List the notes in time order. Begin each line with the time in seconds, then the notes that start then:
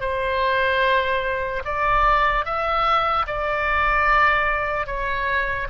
0.00 C5
1.64 D5
2.45 E5
3.27 D5
4.86 C#5